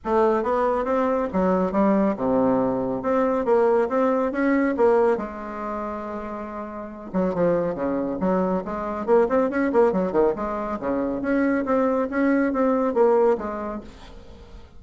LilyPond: \new Staff \with { instrumentName = "bassoon" } { \time 4/4 \tempo 4 = 139 a4 b4 c'4 fis4 | g4 c2 c'4 | ais4 c'4 cis'4 ais4 | gis1~ |
gis8 fis8 f4 cis4 fis4 | gis4 ais8 c'8 cis'8 ais8 fis8 dis8 | gis4 cis4 cis'4 c'4 | cis'4 c'4 ais4 gis4 | }